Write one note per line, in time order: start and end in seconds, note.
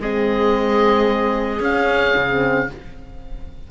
0.00 1.60 G#3
0.00 1.62 C4
0.00 2.68 G#4
0.00 1.63 D#5
1.60 2.14 C#4
1.60 2.29 C#4
1.60 2.71 F5
2.17 2.70 C#3
2.30 2.70 C4